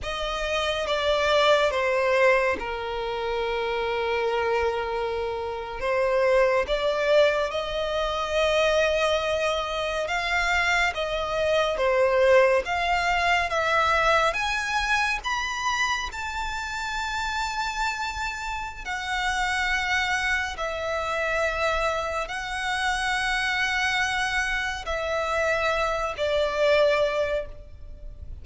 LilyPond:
\new Staff \with { instrumentName = "violin" } { \time 4/4 \tempo 4 = 70 dis''4 d''4 c''4 ais'4~ | ais'2~ ais'8. c''4 d''16~ | d''8. dis''2. f''16~ | f''8. dis''4 c''4 f''4 e''16~ |
e''8. gis''4 b''4 a''4~ a''16~ | a''2 fis''2 | e''2 fis''2~ | fis''4 e''4. d''4. | }